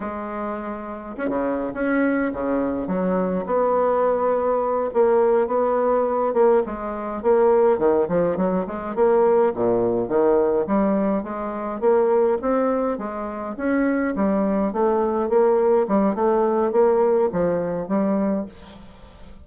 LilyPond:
\new Staff \with { instrumentName = "bassoon" } { \time 4/4 \tempo 4 = 104 gis2 cis'16 cis8. cis'4 | cis4 fis4 b2~ | b8 ais4 b4. ais8 gis8~ | gis8 ais4 dis8 f8 fis8 gis8 ais8~ |
ais8 ais,4 dis4 g4 gis8~ | gis8 ais4 c'4 gis4 cis'8~ | cis'8 g4 a4 ais4 g8 | a4 ais4 f4 g4 | }